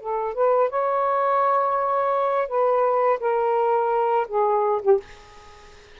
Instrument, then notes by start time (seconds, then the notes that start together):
saxophone
0.00 A4
0.34 B4
0.69 C#5
2.48 B4
3.19 A#4
4.27 G#4
4.82 G4